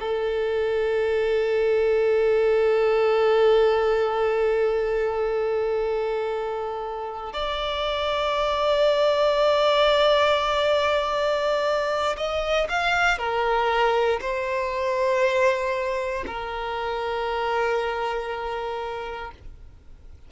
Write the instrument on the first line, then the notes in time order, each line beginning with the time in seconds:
violin
0.00 A4
7.33 D5
12.18 D#5
12.69 F5
13.18 A#4
14.21 C5
16.27 A#4